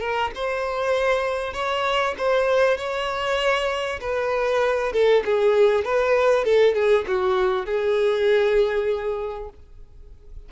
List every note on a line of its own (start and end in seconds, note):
0.00 0.31 A#4
0.35 1.53 C5
1.53 2.15 C#5
2.18 2.77 C5
2.77 4.00 C#5
4.00 4.92 B4
4.93 5.23 A4
5.25 5.84 G#4
5.84 6.45 B4
6.45 6.74 A4
6.74 7.05 G#4
7.07 7.66 F#4
7.66 9.49 G#4